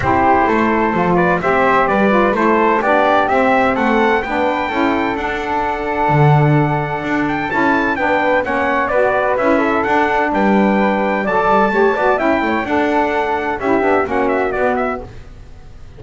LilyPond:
<<
  \new Staff \with { instrumentName = "trumpet" } { \time 4/4 \tempo 4 = 128 c''2~ c''8 d''8 e''4 | d''4 c''4 d''4 e''4 | fis''4 g''2 fis''4~ | fis''2.~ fis''8 g''8 |
a''4 g''4 fis''4 d''4 | e''4 fis''4 g''2 | a''2 g''4 fis''4~ | fis''4 e''4 fis''8 e''8 d''8 e''8 | }
  \new Staff \with { instrumentName = "flute" } { \time 4/4 g'4 a'4. b'8 c''4 | b'4 a'4 g'2 | a'4 b'4 a'2~ | a'1~ |
a'4 b'4 cis''4 b'4~ | b'8 a'4. b'2 | d''4 cis''8 d''8 e''8 cis''8 a'4~ | a'4 g'4 fis'2 | }
  \new Staff \with { instrumentName = "saxophone" } { \time 4/4 e'2 f'4 g'4~ | g'8 f'8 e'4 d'4 c'4~ | c'4 d'4 e'4 d'4~ | d'1 |
e'4 d'4 cis'4 fis'4 | e'4 d'2. | a'4 g'8 fis'8 e'4 d'4~ | d'4 e'8 d'8 cis'4 b4 | }
  \new Staff \with { instrumentName = "double bass" } { \time 4/4 c'4 a4 f4 c'4 | g4 a4 b4 c'4 | a4 b4 cis'4 d'4~ | d'4 d2 d'4 |
cis'4 b4 ais4 b4 | cis'4 d'4 g2 | fis8 g8 a8 b8 cis'8 a8 d'4~ | d'4 cis'8 b8 ais4 b4 | }
>>